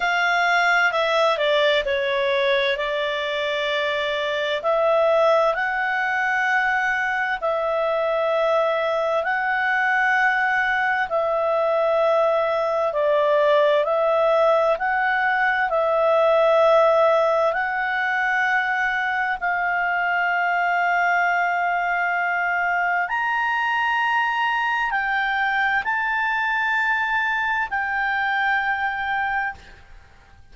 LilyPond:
\new Staff \with { instrumentName = "clarinet" } { \time 4/4 \tempo 4 = 65 f''4 e''8 d''8 cis''4 d''4~ | d''4 e''4 fis''2 | e''2 fis''2 | e''2 d''4 e''4 |
fis''4 e''2 fis''4~ | fis''4 f''2.~ | f''4 ais''2 g''4 | a''2 g''2 | }